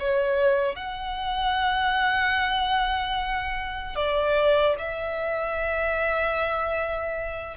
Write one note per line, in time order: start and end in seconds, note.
0.00 0.76 C#5
0.76 3.96 F#5
3.96 4.76 D5
4.79 7.57 E5